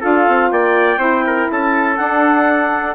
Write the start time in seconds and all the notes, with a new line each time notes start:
0.00 D4 F4 A4 F5
0.28 C4
0.51 A#3 D5 G5
0.97 C4 E4 C5
1.27 A#4
1.51 C#4 A4 A5
1.97 D4 F#5